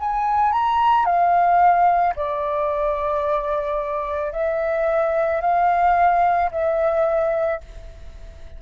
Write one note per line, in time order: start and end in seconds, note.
0.00 0.53 G#5
0.53 1.06 A#5
1.06 2.15 F5
2.16 4.33 D5
4.33 5.41 E5
5.41 6.51 F5
6.52 7.61 E5